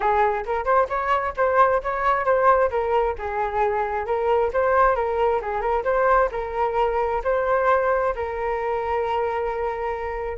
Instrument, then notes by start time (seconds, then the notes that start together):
flute
0.00 G#4
0.45 A#4
0.64 C5
0.89 C#5
1.37 C5
1.83 C#5
2.25 C5
2.70 A#4
3.18 G#4
4.06 A#4
4.53 C5
4.95 A#4
5.41 G#4
5.61 A#4
5.84 C5
6.31 A#4
7.24 C5
8.15 A#4